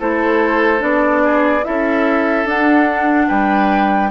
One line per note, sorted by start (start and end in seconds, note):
0.00 0.82 A3
0.00 0.79 E4
0.00 1.23 A4
0.00 0.83 C5
0.79 1.64 B3
0.79 1.61 D4
0.79 1.65 D5
1.24 1.65 G#4
1.64 2.46 C#4
1.64 2.46 E4
1.64 3.28 A4
1.64 2.47 E5
2.46 3.28 D4
2.46 4.11 D4
2.46 3.29 F#5
3.28 4.11 G3
3.28 4.10 B4
3.28 4.11 G5